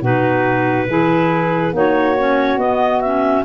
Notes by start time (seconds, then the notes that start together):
0.00 B2 D#4 F#4 B4
0.88 E3 E4 G#4
1.72 A#3 D#4 F#4 C#5
2.18 C#4
2.56 B3 D#5
3.01 C#4 E5